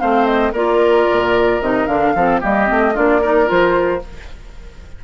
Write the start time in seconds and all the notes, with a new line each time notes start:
0.00 A3 C4 C5 F5
0.26 D#5
0.53 A#3 F4 A#4 D5
1.12 A#2
1.61 C3 D#4 D#5
1.87 D3 D4 F5
2.15 F3 C4 A4
2.41 G3 A#3 G4 D#5
2.66 A3 C4
2.94 A#3 D4 F4 D5
3.22 D#4 A#4
3.46 F3 F4 C5